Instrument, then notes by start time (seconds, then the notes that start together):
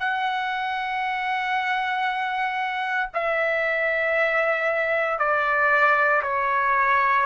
trumpet
0.00 F#5
3.15 E5
5.19 D5
6.23 C#5